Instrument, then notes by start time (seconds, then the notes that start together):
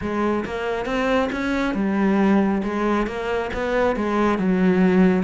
cello
0.01 G#3
0.45 A#3
0.85 C4
1.32 C#4
1.74 G3
2.63 G#3
3.06 A#3
3.53 B3
3.96 G#3
4.38 F#3